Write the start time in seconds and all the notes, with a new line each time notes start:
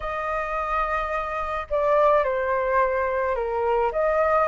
0.00 D#5
1.70 D5
2.24 C5
3.35 A#4
3.92 D#5